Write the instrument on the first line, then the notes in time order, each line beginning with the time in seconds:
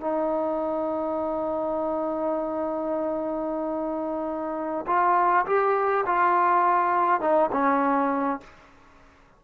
trombone
0.00 D#4
4.86 F4
5.46 G4
6.05 F4
7.20 D#4
7.52 C#4